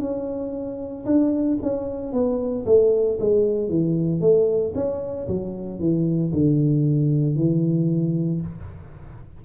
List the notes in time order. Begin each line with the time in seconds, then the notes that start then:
0.00 C#4
1.05 D4
1.62 C#4
2.12 B3
2.66 A3
3.20 G#3
3.69 E3
4.21 A3
4.75 C#4
5.28 F#3
5.80 E3
6.33 D3
7.36 E3